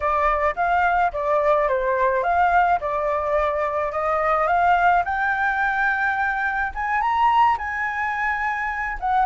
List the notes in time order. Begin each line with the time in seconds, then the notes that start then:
0.00 D5
0.55 F5
1.12 D5
1.68 C5
2.23 F5
2.80 D5
3.92 D#5
4.47 F5
5.04 G5
6.74 G#5
7.01 A#5
7.58 G#5
9.00 F#5